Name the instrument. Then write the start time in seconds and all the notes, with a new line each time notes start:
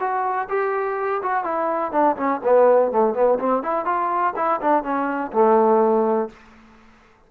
trombone
0.00 F#4
0.49 G4
1.23 F#4
1.44 E4
1.92 D4
2.17 C#4
2.44 B3
2.92 A3
3.14 B3
3.40 C4
3.63 E4
3.85 F4
4.36 E4
4.61 D4
4.83 C#4
5.32 A3